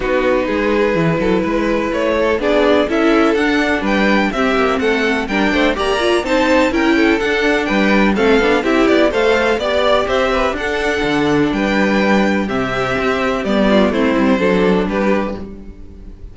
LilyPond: <<
  \new Staff \with { instrumentName = "violin" } { \time 4/4 \tempo 4 = 125 b'1 | cis''4 d''4 e''4 fis''4 | g''4 e''4 fis''4 g''4 | ais''4 a''4 g''4 fis''4 |
g''4 f''4 e''8 d''8 f''4 | d''4 e''4 fis''2 | g''2 e''2 | d''4 c''2 b'4 | }
  \new Staff \with { instrumentName = "violin" } { \time 4/4 fis'4 gis'4. a'8 b'4~ | b'8 a'8 gis'4 a'2 | b'4 g'4 a'4 ais'8 c''8 | d''4 c''4 ais'8 a'4. |
b'4 a'4 g'4 c''4 | d''4 c''8 b'8 a'2 | b'2 g'2~ | g'8 f'8 e'4 a'4 g'4 | }
  \new Staff \with { instrumentName = "viola" } { \time 4/4 dis'2 e'2~ | e'4 d'4 e'4 d'4~ | d'4 c'2 d'4 | g'8 f'8 dis'4 e'4 d'4~ |
d'4 c'8 d'8 e'4 a'4 | g'2 d'2~ | d'2 c'2 | b4 c'4 d'2 | }
  \new Staff \with { instrumentName = "cello" } { \time 4/4 b4 gis4 e8 fis8 gis4 | a4 b4 cis'4 d'4 | g4 c'8 ais8 a4 g8 a8 | ais4 c'4 cis'4 d'4 |
g4 a8 b8 c'8 b8 a4 | b4 c'4 d'4 d4 | g2 c4 c'4 | g4 a8 g8 fis4 g4 | }
>>